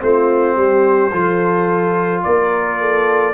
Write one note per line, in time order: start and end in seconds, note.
0.00 0.56 A3
0.00 1.11 C4
0.00 0.56 F4
0.00 2.23 C5
0.56 1.12 G3
0.56 1.12 G4
1.12 2.24 F3
1.12 3.34 F4
1.12 2.23 A4
2.23 3.34 A#3
2.23 2.80 A#4
2.23 3.34 D5
2.80 3.34 A4